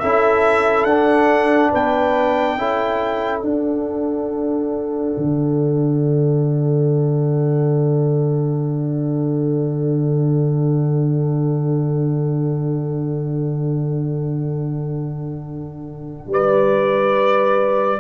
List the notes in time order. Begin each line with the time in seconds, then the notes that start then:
0.00 C#4 E4 A4 E5
0.85 D4 F#5
1.71 B3 B4 G5
2.58 C#4 E4 A4
3.40 D4 F#5
5.17 D3
16.27 G3 B4 D5